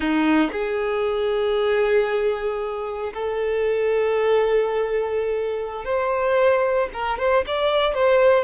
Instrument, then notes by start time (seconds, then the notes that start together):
violin
0.00 D#4
0.52 G#4
3.13 A4
5.84 C5
6.93 A#4
7.18 C5
7.46 D5
7.94 C5